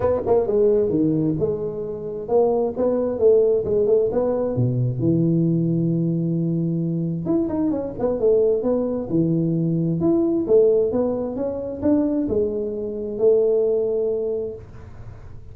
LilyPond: \new Staff \with { instrumentName = "tuba" } { \time 4/4 \tempo 4 = 132 b8 ais8 gis4 dis4 gis4~ | gis4 ais4 b4 a4 | gis8 a8 b4 b,4 e4~ | e1 |
e'8 dis'8 cis'8 b8 a4 b4 | e2 e'4 a4 | b4 cis'4 d'4 gis4~ | gis4 a2. | }